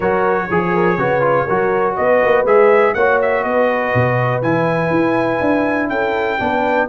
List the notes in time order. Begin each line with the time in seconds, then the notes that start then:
0.00 F#3 F#4 A#4 C#5
0.48 F3 G#4
0.73 A#4
0.97 C#3 F#4 B4
1.21 F4
1.46 F#3 F#4 A#4
1.96 B3 B4 D#5
2.23 A#3
2.44 G#3 G#4 E5
2.94 A#3 F#4 C#5 F#5
3.21 E5
3.43 B3 B4 D#5
3.94 B2
4.42 E3 E4 G#5
4.90 E4
5.40 D4
5.89 C#4 A4 G5
6.39 B3 D4 B4